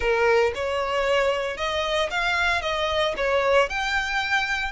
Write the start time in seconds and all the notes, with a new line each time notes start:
0.00 A#4
0.54 C#5
1.57 D#5
2.10 F5
2.61 D#5
3.16 C#5
3.69 G5